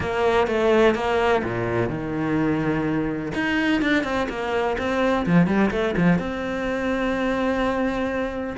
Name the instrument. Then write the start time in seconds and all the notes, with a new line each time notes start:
cello
0.00 A#3
0.47 A3
0.94 A#3
1.44 A#2
1.89 D#3
3.34 D#4
3.81 D4
4.03 C4
4.29 A#3
4.77 C4
5.26 F3
5.46 G3
5.71 A3
5.97 F3
6.18 C4